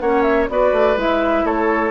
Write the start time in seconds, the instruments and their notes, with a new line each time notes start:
0.00 bassoon A#3, clarinet C#4, oboe C#5, flute F#5
0.22 flute E5
0.49 bassoon B3, clarinet F#4, oboe B4, flute D5
0.72 bassoon A3
0.96 bassoon G#3, clarinet E4, flute E5
1.44 bassoon A3, oboe A4, flute C#5